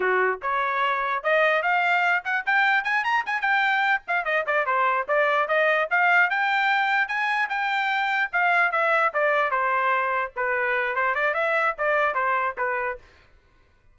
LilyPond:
\new Staff \with { instrumentName = "trumpet" } { \time 4/4 \tempo 4 = 148 fis'4 cis''2 dis''4 | f''4. fis''8 g''4 gis''8 ais''8 | gis''8 g''4. f''8 dis''8 d''8 c''8~ | c''8 d''4 dis''4 f''4 g''8~ |
g''4. gis''4 g''4.~ | g''8 f''4 e''4 d''4 c''8~ | c''4. b'4. c''8 d''8 | e''4 d''4 c''4 b'4 | }